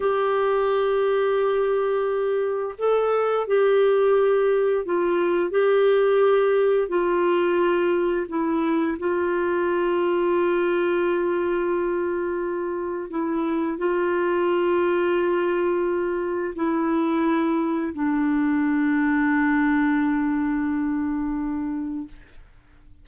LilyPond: \new Staff \with { instrumentName = "clarinet" } { \time 4/4 \tempo 4 = 87 g'1 | a'4 g'2 f'4 | g'2 f'2 | e'4 f'2.~ |
f'2. e'4 | f'1 | e'2 d'2~ | d'1 | }